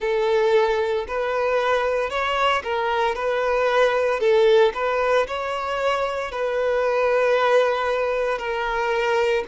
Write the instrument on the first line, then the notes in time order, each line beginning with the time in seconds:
violin
0.00 A4
1.07 B4
2.10 C#5
2.63 A#4
3.15 B4
4.20 A4
4.74 B4
5.27 C#5
6.31 B4
8.38 A#4